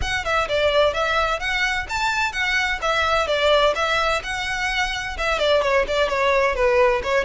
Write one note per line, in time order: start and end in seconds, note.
0.01 0.24 F#5
0.24 0.48 E5
0.48 0.93 D5
0.93 1.39 E5
1.39 1.86 F#5
1.89 2.32 A5
2.32 2.79 F#5
2.81 3.27 E5
3.27 3.74 D5
3.75 4.21 E5
4.23 5.17 F#5
5.17 5.38 E5
5.38 5.62 D5
5.62 5.85 C#5
5.87 6.09 D5
6.09 6.55 C#5
6.55 7.02 B4
7.03 7.24 C#5